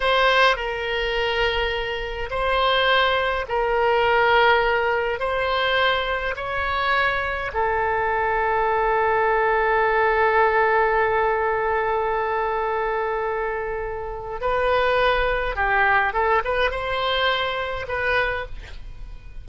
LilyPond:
\new Staff \with { instrumentName = "oboe" } { \time 4/4 \tempo 4 = 104 c''4 ais'2. | c''2 ais'2~ | ais'4 c''2 cis''4~ | cis''4 a'2.~ |
a'1~ | a'1~ | a'4 b'2 g'4 | a'8 b'8 c''2 b'4 | }